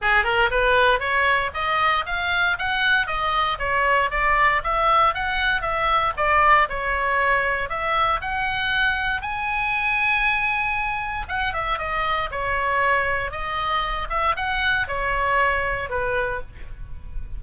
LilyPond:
\new Staff \with { instrumentName = "oboe" } { \time 4/4 \tempo 4 = 117 gis'8 ais'8 b'4 cis''4 dis''4 | f''4 fis''4 dis''4 cis''4 | d''4 e''4 fis''4 e''4 | d''4 cis''2 e''4 |
fis''2 gis''2~ | gis''2 fis''8 e''8 dis''4 | cis''2 dis''4. e''8 | fis''4 cis''2 b'4 | }